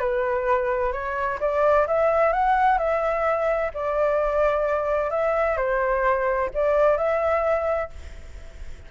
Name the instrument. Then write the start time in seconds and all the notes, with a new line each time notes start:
flute
0.00 B4
0.92 C#5
1.40 D5
1.88 E5
2.33 F#5
2.78 E5
3.74 D5
5.11 E5
5.57 C5
6.54 D5
6.97 E5